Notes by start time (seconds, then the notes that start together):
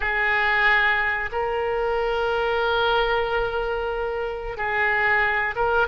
0.00 G#4
1.32 A#4
4.57 G#4
5.55 A#4